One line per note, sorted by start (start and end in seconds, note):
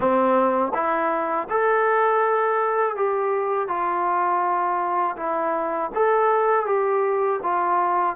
0.00 0.72 C4
0.73 1.47 E4
1.49 2.96 A4
2.96 3.68 G4
3.68 5.16 F4
5.16 5.90 E4
5.94 6.66 A4
6.66 7.40 G4
7.42 8.15 F4